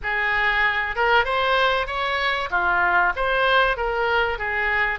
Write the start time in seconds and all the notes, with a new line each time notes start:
0.03 G#4
0.95 A#4
1.24 C5
1.86 C#5
2.50 F4
3.16 C5
3.76 A#4
4.38 G#4